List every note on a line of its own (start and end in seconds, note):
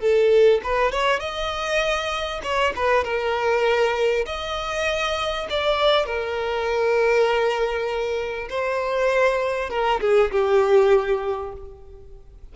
0.00 0.61 A4
0.63 0.91 B4
0.91 1.20 C#5
1.20 2.41 D#5
2.43 2.73 C#5
2.75 3.04 B4
3.04 4.25 A#4
4.25 5.47 D#5
5.50 6.06 D5
6.06 8.48 A#4
8.49 9.70 C5
9.70 10.00 A#4
10.01 10.31 G#4
10.31 11.52 G4